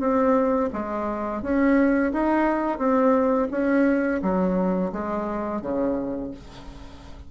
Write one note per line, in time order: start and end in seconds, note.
0.00 0.70 C4
0.73 1.42 G#3
1.42 2.12 C#4
2.13 2.78 D#4
2.78 3.48 C4
3.51 4.21 C#4
4.22 4.92 F#3
4.92 5.61 G#3
5.61 6.31 C#3